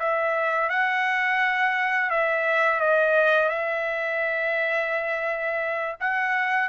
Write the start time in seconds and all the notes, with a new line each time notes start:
0.00 E5
0.70 F#5
2.10 E5
2.81 D#5
3.49 E5
6.01 F#5